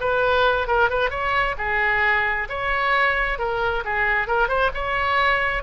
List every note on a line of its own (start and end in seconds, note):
0.00 0.67 B4
0.67 0.90 A#4
0.90 1.10 B4
1.10 1.55 C#5
1.58 2.48 G#4
2.49 3.39 C#5
3.39 3.84 A#4
3.85 4.27 G#4
4.27 4.48 A#4
4.48 4.71 C5
4.74 5.63 C#5